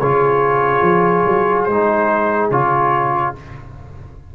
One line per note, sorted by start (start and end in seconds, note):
0.00 0.82 C#3
0.00 1.70 F4
0.00 3.35 G#4
0.00 1.64 C#5
0.82 1.24 F3
1.26 1.68 F#3
1.64 2.51 G#3
1.64 2.48 C5
1.71 2.52 D#4
2.51 3.34 C#3
2.51 3.36 F4
2.51 3.35 C#5